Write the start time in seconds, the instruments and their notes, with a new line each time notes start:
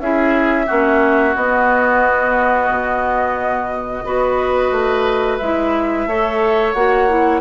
0.00 bassoon C#4, clarinet E4, oboe G#4, flute E5
0.67 bassoon A#3, clarinet C#4, oboe F#4
1.36 bassoon B3, clarinet B3, flute D#5
2.70 bassoon B2
4.05 bassoon B3, clarinet F#4, oboe B4
4.72 bassoon A3
5.38 bassoon G#3, clarinet E4, flute E5
6.07 bassoon A3, clarinet A4, oboe C#5
6.73 bassoon A#3, clarinet F#4, flute F#5
7.09 clarinet E4